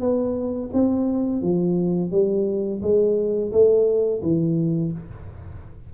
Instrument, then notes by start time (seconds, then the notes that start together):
tuba
0.00 B3
0.73 C4
1.42 F3
2.11 G3
2.82 G#3
3.51 A3
4.22 E3